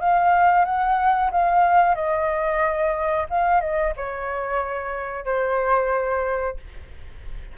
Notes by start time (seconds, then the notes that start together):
0.00 F5
0.65 F#5
1.31 F5
1.95 D#5
3.30 F5
3.61 D#5
3.97 C#5
5.25 C5